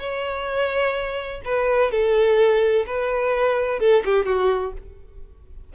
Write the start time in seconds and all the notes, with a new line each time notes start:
0.00 C#5
1.45 B4
1.91 A4
2.87 B4
3.80 A4
4.05 G4
4.26 F#4